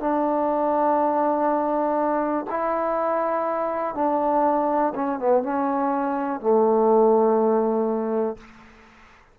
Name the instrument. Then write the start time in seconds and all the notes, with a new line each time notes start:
trombone
0.00 D4
2.50 E4
3.95 D4
4.95 C#4
5.20 B3
5.43 C#4
6.41 A3